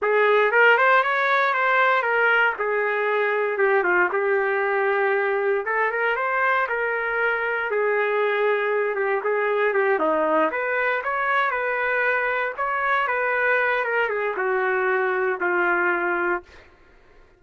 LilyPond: \new Staff \with { instrumentName = "trumpet" } { \time 4/4 \tempo 4 = 117 gis'4 ais'8 c''8 cis''4 c''4 | ais'4 gis'2 g'8 f'8 | g'2. a'8 ais'8 | c''4 ais'2 gis'4~ |
gis'4. g'8 gis'4 g'8 dis'8~ | dis'8 b'4 cis''4 b'4.~ | b'8 cis''4 b'4. ais'8 gis'8 | fis'2 f'2 | }